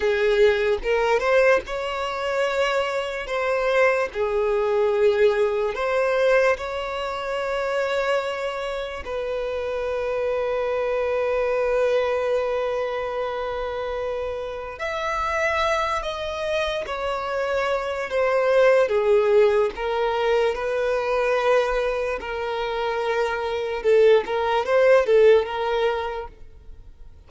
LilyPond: \new Staff \with { instrumentName = "violin" } { \time 4/4 \tempo 4 = 73 gis'4 ais'8 c''8 cis''2 | c''4 gis'2 c''4 | cis''2. b'4~ | b'1~ |
b'2 e''4. dis''8~ | dis''8 cis''4. c''4 gis'4 | ais'4 b'2 ais'4~ | ais'4 a'8 ais'8 c''8 a'8 ais'4 | }